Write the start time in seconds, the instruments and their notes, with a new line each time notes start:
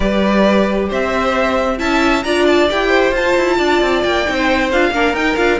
0.00 cello G3, viola G4, violin B4 D5
0.88 cello C4, violin C5 E5
1.77 cello C#4, viola E4, violin E5 A5
2.23 cello D4, viola F4, violin D5 A#5
2.46 violin A5
2.69 cello E4, viola G4, violin G5
2.88 violin C5
3.12 cello F4, viola F4, violin A5
3.36 cello E4
3.57 cello D4, violin D5
3.81 cello C4
4.02 cello A#3, violin G5
4.25 cello C4, viola D#4
4.33 violin C5
4.72 cello D4, viola F4, violin F5
4.90 cello A#3, viola D4, violin A#4
5.13 cello D#4, viola D#4, violin G5
5.36 cello D4, viola F4, violin F5